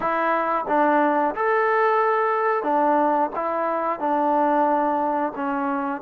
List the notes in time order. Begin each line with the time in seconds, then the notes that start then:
0.00 E4
0.68 D4
1.35 A4
2.63 D4
3.35 E4
3.99 D4
5.35 C#4